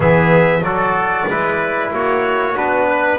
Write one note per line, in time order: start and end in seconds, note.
0.00 0.60 E3
0.00 0.62 B3
0.00 0.61 G#4
0.00 0.63 E5
0.60 1.24 F#3
0.60 1.29 F#4
0.60 1.28 A4
0.60 1.91 D5
1.27 1.91 G#3
1.27 2.56 E4
1.27 1.93 B4
1.91 2.55 A#3
1.91 2.88 F#4
1.91 2.57 C#5
2.56 3.18 B3
2.56 3.18 D4
2.56 3.18 B4
2.88 3.18 B4